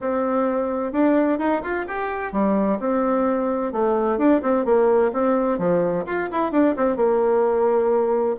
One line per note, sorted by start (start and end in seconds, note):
0.00 0.92 C4
0.92 1.38 D4
1.38 1.62 D#4
1.62 1.85 F4
1.87 2.32 G4
2.32 2.78 G3
2.79 3.72 C4
3.72 4.18 A3
4.18 4.41 D4
4.41 4.65 C4
4.65 5.11 A#3
5.12 5.58 C4
5.58 6.05 F3
6.05 6.29 F4
6.31 6.51 E4
6.51 6.75 D4
6.76 6.96 C4
6.96 8.36 A#3